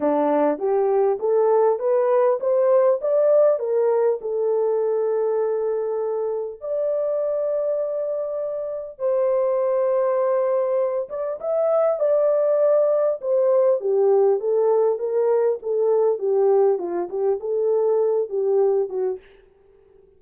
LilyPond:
\new Staff \with { instrumentName = "horn" } { \time 4/4 \tempo 4 = 100 d'4 g'4 a'4 b'4 | c''4 d''4 ais'4 a'4~ | a'2. d''4~ | d''2. c''4~ |
c''2~ c''8 d''8 e''4 | d''2 c''4 g'4 | a'4 ais'4 a'4 g'4 | f'8 g'8 a'4. g'4 fis'8 | }